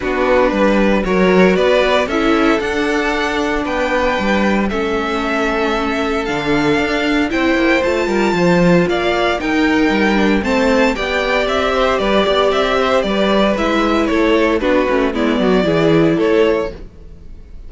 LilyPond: <<
  \new Staff \with { instrumentName = "violin" } { \time 4/4 \tempo 4 = 115 b'2 cis''4 d''4 | e''4 fis''2 g''4~ | g''4 e''2. | f''2 g''4 a''4~ |
a''4 f''4 g''2 | a''4 g''4 e''4 d''4 | e''4 d''4 e''4 cis''4 | b'4 d''2 cis''4 | }
  \new Staff \with { instrumentName = "violin" } { \time 4/4 fis'4 b'4 ais'4 b'4 | a'2. b'4~ | b'4 a'2.~ | a'2 c''4. ais'8 |
c''4 d''4 ais'2 | c''4 d''4. c''8 b'8 d''8~ | d''8 c''8 b'2 a'4 | fis'4 e'8 fis'8 gis'4 a'4 | }
  \new Staff \with { instrumentName = "viola" } { \time 4/4 d'2 fis'2 | e'4 d'2.~ | d'4 cis'2. | d'2 e'4 f'4~ |
f'2 dis'4. d'8 | c'4 g'2.~ | g'2 e'2 | d'8 cis'8 b4 e'2 | }
  \new Staff \with { instrumentName = "cello" } { \time 4/4 b4 g4 fis4 b4 | cis'4 d'2 b4 | g4 a2. | d4 d'4 c'8 ais8 a8 g8 |
f4 ais4 dis'4 g4 | a4 b4 c'4 g8 b8 | c'4 g4 gis4 a4 | b8 a8 gis8 fis8 e4 a4 | }
>>